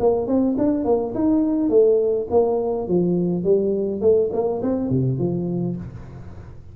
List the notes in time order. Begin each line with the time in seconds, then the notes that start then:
0.00 A#3
0.27 C4
0.58 D4
0.85 A#3
1.15 D#4
1.70 A3
2.30 A#3
2.88 F3
3.44 G3
4.01 A3
4.32 A#3
4.62 C4
4.90 C3
5.19 F3